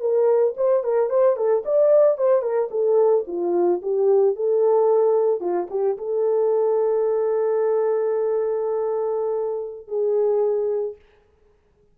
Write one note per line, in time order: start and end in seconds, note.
0.00 0.54 A#4
0.57 0.84 C5
0.84 1.09 A#4
1.09 1.36 C5
1.36 1.63 A4
1.65 2.17 D5
2.17 2.42 C5
2.42 2.69 A#4
2.71 3.25 A4
3.27 3.81 F4
3.82 4.35 G4
4.35 5.40 A4
5.40 5.67 F4
5.70 5.97 G4
5.97 9.87 A4
9.87 10.95 G#4